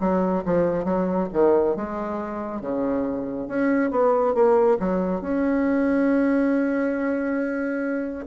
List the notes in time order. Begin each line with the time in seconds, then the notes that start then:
0.00 F#3
0.45 F3
0.85 F#3
1.33 D#3
1.76 G#3
2.61 C#3
3.48 C#4
3.91 B3
4.34 A#3
4.79 F#3
5.21 C#4